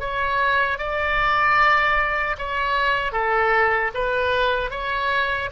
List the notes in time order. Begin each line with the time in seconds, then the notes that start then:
0.00 C#5
0.79 D5
2.39 C#5
3.13 A4
3.95 B4
4.71 C#5